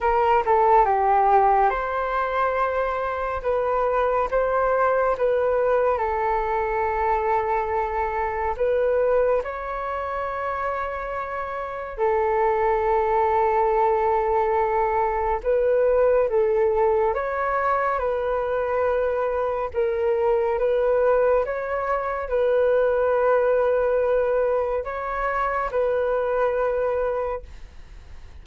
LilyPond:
\new Staff \with { instrumentName = "flute" } { \time 4/4 \tempo 4 = 70 ais'8 a'8 g'4 c''2 | b'4 c''4 b'4 a'4~ | a'2 b'4 cis''4~ | cis''2 a'2~ |
a'2 b'4 a'4 | cis''4 b'2 ais'4 | b'4 cis''4 b'2~ | b'4 cis''4 b'2 | }